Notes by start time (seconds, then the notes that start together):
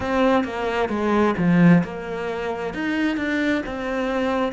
0.00 C4
0.43 A#3
0.88 G#3
1.37 F3
1.83 A#3
2.74 D#4
3.16 D4
3.66 C4